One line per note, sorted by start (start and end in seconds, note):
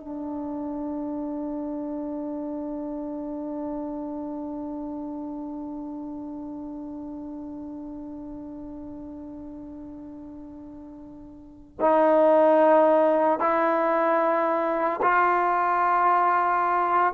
0.00 11.79 D4
11.81 13.40 D#4
13.40 15.00 E4
15.02 17.14 F4